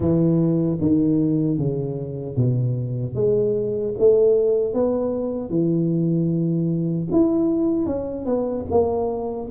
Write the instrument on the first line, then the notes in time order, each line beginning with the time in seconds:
tuba
0.00 E3
0.80 D#3
1.58 C#3
2.36 B2
3.14 G#3
3.98 A3
4.73 B3
5.49 E3
7.11 E4
7.86 C#4
8.25 B3
8.70 A#3